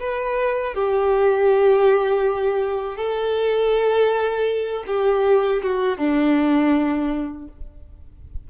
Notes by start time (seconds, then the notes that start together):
0.00 B4
0.75 G4
2.97 A4
4.87 G4
5.63 F#4
5.98 D4